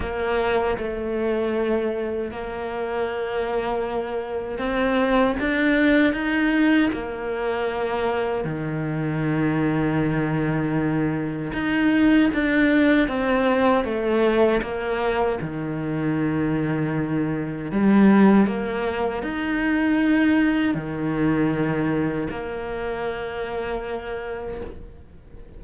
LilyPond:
\new Staff \with { instrumentName = "cello" } { \time 4/4 \tempo 4 = 78 ais4 a2 ais4~ | ais2 c'4 d'4 | dis'4 ais2 dis4~ | dis2. dis'4 |
d'4 c'4 a4 ais4 | dis2. g4 | ais4 dis'2 dis4~ | dis4 ais2. | }